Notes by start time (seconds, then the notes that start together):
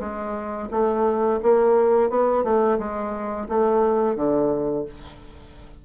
0.00 G#3
0.71 A3
1.43 A#3
2.10 B3
2.44 A3
2.79 G#3
3.49 A3
4.16 D3